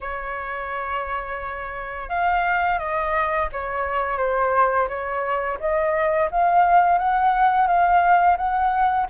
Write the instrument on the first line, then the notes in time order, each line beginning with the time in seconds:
flute
0.00 C#5
2.09 F5
2.78 D#5
3.52 C#5
4.17 C5
4.88 C#5
5.59 D#5
6.31 F5
6.98 F#5
7.67 F5
8.37 F#5